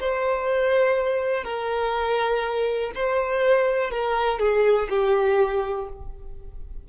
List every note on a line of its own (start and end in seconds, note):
0.00 1.44 C5
1.44 2.92 A#4
2.95 3.91 C5
3.91 4.39 A#4
4.39 4.89 G#4
4.90 5.88 G4